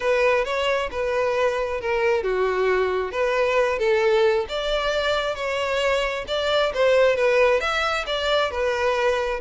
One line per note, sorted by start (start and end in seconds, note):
0.00 0.45 B4
0.45 0.89 C#5
0.91 1.80 B4
1.81 2.23 A#4
2.23 3.11 F#4
3.11 3.78 B4
3.78 4.46 A4
4.48 5.35 D5
5.35 6.25 C#5
6.27 6.72 D5
6.74 7.15 C5
7.15 7.60 B4
7.60 8.05 E5
8.06 8.50 D5
8.50 9.40 B4